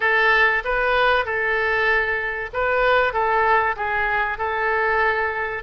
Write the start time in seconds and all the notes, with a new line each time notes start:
0.00 A4
0.64 B4
1.25 A4
2.53 B4
3.12 A4
3.76 G#4
4.38 A4